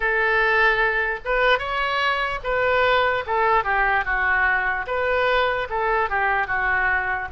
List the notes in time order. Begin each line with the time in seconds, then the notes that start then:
0.00 A4
1.24 B4
1.58 C#5
2.43 B4
3.26 A4
3.64 G4
4.04 F#4
4.86 B4
5.69 A4
6.09 G4
6.47 F#4